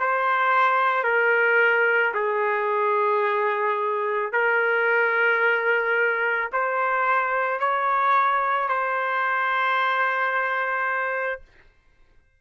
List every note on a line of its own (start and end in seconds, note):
0.00 1.04 C5
1.04 2.13 A#4
2.14 4.32 G#4
4.32 6.51 A#4
6.53 7.60 C5
7.60 8.69 C#5
8.69 11.41 C5